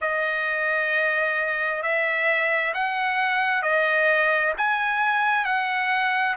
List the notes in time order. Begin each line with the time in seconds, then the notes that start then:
0.01 D#5
1.82 E5
2.74 F#5
3.62 D#5
4.57 G#5
5.44 F#5